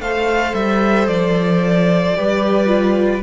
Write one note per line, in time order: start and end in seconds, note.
0.00 0.54 A3
0.00 2.17 A4
0.00 2.17 C5
0.00 0.55 F5
0.55 1.08 G3
0.55 1.08 E5
1.08 2.15 F3
1.08 3.23 D5
2.17 3.23 G3
2.17 2.67 G4
2.17 3.23 B4
2.67 3.21 F4